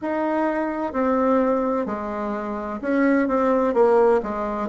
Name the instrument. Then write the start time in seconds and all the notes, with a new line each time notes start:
bassoon
0.01 D#4
0.92 C4
1.86 G#3
2.81 C#4
3.28 C4
3.74 A#3
4.22 G#3